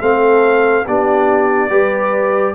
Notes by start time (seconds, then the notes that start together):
0.00 A3 C4 A4 F5
0.86 B3 D4 G4 D5
1.69 G3 G4 B4